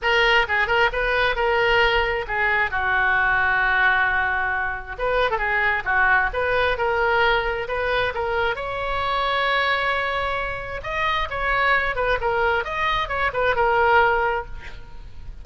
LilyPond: \new Staff \with { instrumentName = "oboe" } { \time 4/4 \tempo 4 = 133 ais'4 gis'8 ais'8 b'4 ais'4~ | ais'4 gis'4 fis'2~ | fis'2. b'8. a'16 | gis'4 fis'4 b'4 ais'4~ |
ais'4 b'4 ais'4 cis''4~ | cis''1 | dis''4 cis''4. b'8 ais'4 | dis''4 cis''8 b'8 ais'2 | }